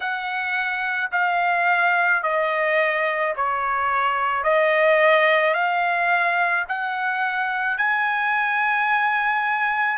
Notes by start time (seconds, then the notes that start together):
0.00 F#5
1.11 F5
2.22 D#5
3.35 C#5
4.43 D#5
5.54 F5
6.68 F#5
7.77 G#5